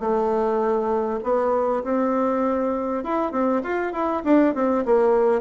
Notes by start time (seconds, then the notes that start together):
0.00 A3
1.24 B3
1.84 C4
3.04 E4
3.32 C4
3.63 F4
3.93 E4
4.25 D4
4.55 C4
4.86 A#3